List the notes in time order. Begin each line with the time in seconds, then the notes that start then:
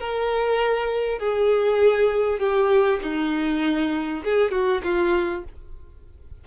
0.00 A#4
1.19 G#4
2.39 G4
3.03 D#4
4.24 G#4
4.52 F#4
4.84 F4